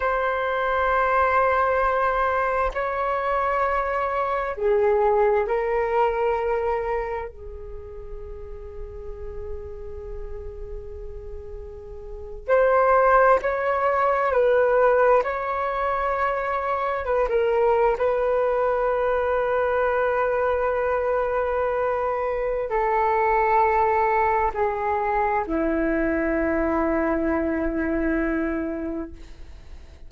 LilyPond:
\new Staff \with { instrumentName = "flute" } { \time 4/4 \tempo 4 = 66 c''2. cis''4~ | cis''4 gis'4 ais'2 | gis'1~ | gis'4.~ gis'16 c''4 cis''4 b'16~ |
b'8. cis''2 b'16 ais'8. b'16~ | b'1~ | b'4 a'2 gis'4 | e'1 | }